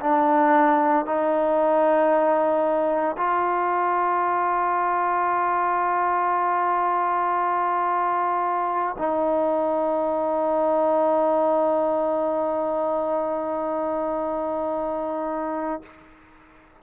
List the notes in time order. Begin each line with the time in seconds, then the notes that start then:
0.00 D4
1.05 D#4
3.17 F4
8.98 D#4